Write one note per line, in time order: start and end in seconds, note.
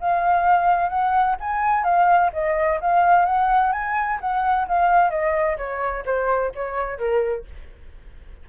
0.00 0.89 F5
0.89 1.36 F#5
1.40 1.83 G#5
1.83 2.30 F5
2.33 2.80 D#5
2.80 3.25 F5
3.25 3.72 F#5
3.72 4.19 G#5
4.20 4.67 F#5
4.67 5.10 F5
5.10 5.57 D#5
5.57 6.04 C#5
6.05 6.52 C5
6.55 6.98 C#5
6.98 7.45 A#4